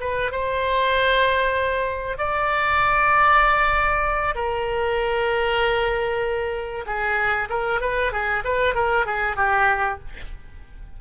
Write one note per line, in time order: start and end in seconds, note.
0.00 0.31 B4
0.32 2.18 C5
2.18 4.35 D5
4.35 6.85 A#4
6.86 7.49 G#4
7.49 7.81 A#4
7.81 8.12 B4
8.12 8.43 G#4
8.44 8.75 B4
8.75 9.06 A#4
9.06 9.36 G#4
9.36 9.99 G4